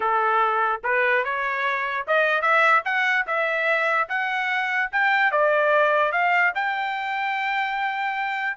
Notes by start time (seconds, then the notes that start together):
0.00 A4
0.83 B4
1.24 C#5
2.07 D#5
2.41 E5
2.84 F#5
3.27 E5
4.09 F#5
4.91 G5
5.31 D5
6.12 F5
6.54 G5